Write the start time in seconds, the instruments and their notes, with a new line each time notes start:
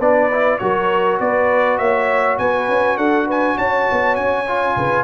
0.00 tuba B3, trombone D4, horn B4, trumpet D5
0.31 trombone E4
0.58 tuba F#3, trombone F#4, horn A#4, trumpet C#5
1.20 tuba B3, horn B4, trumpet D5
1.78 tuba A#3, horn C#5, trumpet E5
2.38 tuba B3, horn B4, trumpet G#5
2.69 tuba C#4
2.97 tuba D4, horn A4, trumpet F#5
3.26 horn B4, trumpet G#5
3.57 tuba C#4, horn C#5, trumpet A5
3.91 tuba B3
4.16 tuba C#4, trumpet G#5
4.48 trombone F4
4.76 tuba C#3, horn B4